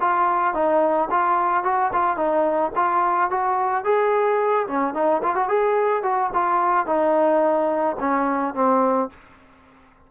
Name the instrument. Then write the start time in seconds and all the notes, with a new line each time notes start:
trombone
0.00 F4
0.54 D#4
1.10 F4
1.63 F#4
1.92 F4
2.16 D#4
2.75 F4
3.30 F#4
3.84 G#4
4.67 C#4
4.94 D#4
5.22 F4
5.35 F#4
5.48 G#4
6.03 F#4
6.33 F4
6.86 D#4
7.99 C#4
8.54 C4